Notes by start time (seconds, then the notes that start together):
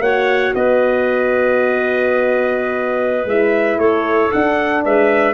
0.00 A#3 F#4 C#5 F#5
0.55 B3 B4 D#5
3.26 G#3 E4 E5
3.78 A3 A4 C#5
4.32 D4 F#5
4.85 G#3 B4 E5